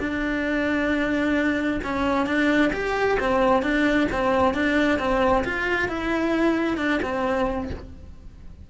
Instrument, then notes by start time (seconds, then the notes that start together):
cello
0.00 D4
1.84 C#4
2.26 D4
2.73 G4
3.20 C4
3.63 D4
4.12 C4
4.54 D4
4.99 C4
5.45 F4
5.89 E4
6.78 D4
7.03 C4